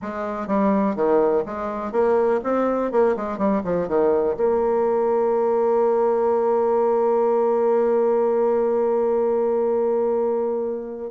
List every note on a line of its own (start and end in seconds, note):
0.01 0.47 G#3
0.47 0.95 G3
0.95 1.44 D#3
1.45 1.92 G#3
1.92 2.40 A#3
2.43 2.91 C4
2.91 3.15 A#3
3.16 3.38 G#3
3.38 3.62 G3
3.63 3.88 F3
3.88 4.36 D#3
4.36 11.11 A#3